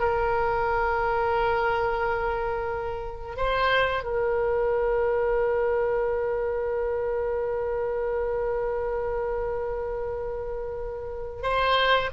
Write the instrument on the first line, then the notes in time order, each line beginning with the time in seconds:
oboe
0.00 A#4
3.37 C5
4.04 A#4
11.43 C5